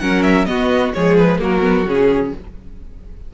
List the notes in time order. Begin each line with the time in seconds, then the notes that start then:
0.00 F#3 C#4 A#4 F#5
0.23 E5
0.46 B3 F#4 D#5
0.94 F3 G#3 G#4 C#5
1.18 B4
1.39 F#3 A#3 F#4 A#4
1.62 B3
1.87 C#3 C#4 G#4